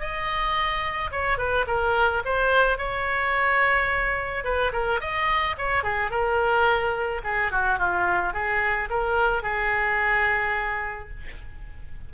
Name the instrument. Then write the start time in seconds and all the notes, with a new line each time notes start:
oboe
0.00 D#5
1.12 C#5
1.38 B4
1.67 A#4
2.26 C5
2.78 C#5
4.45 B4
4.73 A#4
5.01 D#5
5.58 C#5
5.84 G#4
6.11 A#4
7.24 G#4
7.52 F#4
7.79 F4
8.34 G#4
8.90 A#4
9.43 G#4